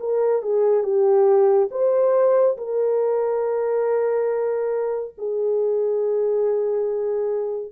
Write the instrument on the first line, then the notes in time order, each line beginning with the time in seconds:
horn
0.00 A#4
0.42 G#4
0.84 G4
1.71 C5
2.58 A#4
5.18 G#4